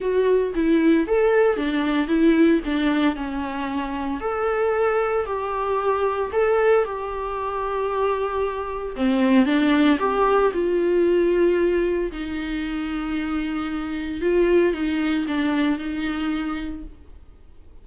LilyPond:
\new Staff \with { instrumentName = "viola" } { \time 4/4 \tempo 4 = 114 fis'4 e'4 a'4 d'4 | e'4 d'4 cis'2 | a'2 g'2 | a'4 g'2.~ |
g'4 c'4 d'4 g'4 | f'2. dis'4~ | dis'2. f'4 | dis'4 d'4 dis'2 | }